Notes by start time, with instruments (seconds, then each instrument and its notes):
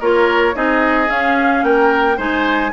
0.00 bassoon A#3, clarinet F4, oboe A#4, flute C#5
0.54 bassoon C4, clarinet D#4, oboe G#4, flute D#5
1.07 clarinet C#4, bassoon C#4, flute F5
1.63 bassoon A#3, oboe A#4, flute G5
2.17 bassoon G#3, clarinet D#4, oboe C5, flute G#5